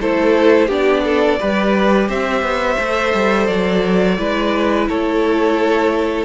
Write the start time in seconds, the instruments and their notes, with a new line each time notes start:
0.00 cello A3, viola E4, violin A4 C5
0.66 cello B3, viola D4, violin G4 D5
1.04 violin A4
1.39 cello G3, viola G4, violin B4
2.08 cello C4, violin C5 E5
2.42 cello B3
2.78 cello A3, viola A4
3.13 cello G3
3.46 cello F#3, violin D5
4.18 cello G#3, viola E4, violin B4
4.88 cello A3, violin A4 C#5